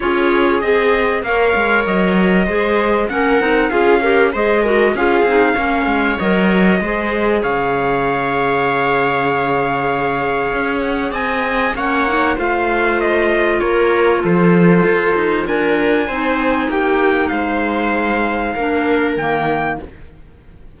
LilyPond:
<<
  \new Staff \with { instrumentName = "trumpet" } { \time 4/4 \tempo 4 = 97 cis''4 dis''4 f''4 dis''4~ | dis''4 fis''4 f''4 dis''4 | f''2 dis''2 | f''1~ |
f''4. fis''8 gis''4 fis''4 | f''4 dis''4 cis''4 c''4~ | c''4 gis''2 g''4 | f''2. g''4 | }
  \new Staff \with { instrumentName = "viola" } { \time 4/4 gis'2 cis''2 | c''4 ais'4 gis'8 ais'8 c''8 ais'8 | gis'4 cis''2 c''4 | cis''1~ |
cis''2 dis''4 cis''4 | c''2 ais'4 a'4~ | a'4 ais'4 c''4 g'4 | c''2 ais'2 | }
  \new Staff \with { instrumentName = "clarinet" } { \time 4/4 f'4 gis'4 ais'2 | gis'4 cis'8 dis'8 f'8 g'8 gis'8 fis'8 | f'8 dis'8 cis'4 ais'4 gis'4~ | gis'1~ |
gis'2. cis'8 dis'8 | f'1~ | f'2 dis'2~ | dis'2 d'4 ais4 | }
  \new Staff \with { instrumentName = "cello" } { \time 4/4 cis'4 c'4 ais8 gis8 fis4 | gis4 ais8 c'8 cis'4 gis4 | cis'8 c'8 ais8 gis8 fis4 gis4 | cis1~ |
cis4 cis'4 c'4 ais4 | a2 ais4 f4 | f'8 dis'8 d'4 c'4 ais4 | gis2 ais4 dis4 | }
>>